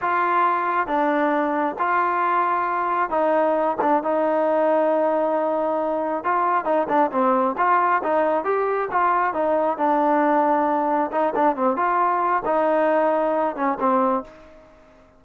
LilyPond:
\new Staff \with { instrumentName = "trombone" } { \time 4/4 \tempo 4 = 135 f'2 d'2 | f'2. dis'4~ | dis'8 d'8 dis'2.~ | dis'2 f'4 dis'8 d'8 |
c'4 f'4 dis'4 g'4 | f'4 dis'4 d'2~ | d'4 dis'8 d'8 c'8 f'4. | dis'2~ dis'8 cis'8 c'4 | }